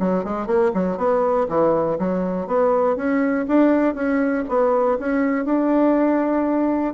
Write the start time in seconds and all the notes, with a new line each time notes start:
0.00 F#3
0.25 G#3
0.47 A#3
0.74 F#3
0.98 B3
1.49 E3
1.99 F#3
2.47 B3
2.97 C#4
3.48 D4
3.95 C#4
4.49 B3
5.00 C#4
5.45 D4